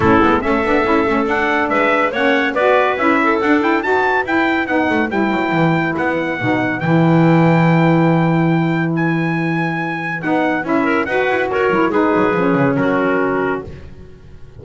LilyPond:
<<
  \new Staff \with { instrumentName = "trumpet" } { \time 4/4 \tempo 4 = 141 a'4 e''2 fis''4 | e''4 fis''4 d''4 e''4 | fis''8 g''8 a''4 g''4 fis''4 | g''2 fis''2 |
g''1~ | g''4 gis''2. | fis''4 e''4 fis''4 cis''4 | b'2 ais'2 | }
  \new Staff \with { instrumentName = "clarinet" } { \time 4/4 e'4 a'2. | b'4 cis''4 b'4. a'8~ | a'4 b'2.~ | b'1~ |
b'1~ | b'1~ | b'4. ais'8 b'4 ais'4 | gis'2 fis'2 | }
  \new Staff \with { instrumentName = "saxophone" } { \time 4/4 cis'8 b8 cis'8 d'8 e'8 cis'8 d'4~ | d'4 cis'4 fis'4 e'4 | d'8 e'8 fis'4 e'4 dis'4 | e'2. dis'4 |
e'1~ | e'1 | dis'4 e'4 fis'4. e'8 | dis'4 cis'2. | }
  \new Staff \with { instrumentName = "double bass" } { \time 4/4 a8 gis8 a8 b8 cis'8 a8 d'4 | gis4 ais4 b4 cis'4 | d'4 dis'4 e'4 b8 a8 | g8 fis8 e4 b4 b,4 |
e1~ | e1 | b4 cis'4 dis'8 e'8 fis'8 fis8 | gis8 fis8 f8 cis8 fis2 | }
>>